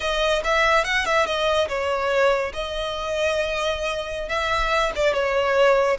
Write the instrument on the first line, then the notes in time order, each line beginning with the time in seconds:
violin
0.00 D#5
0.44 E5
0.84 F#5
1.05 E5
1.26 D#5
1.68 C#5
2.53 D#5
4.29 E5
4.95 D5
5.13 C#5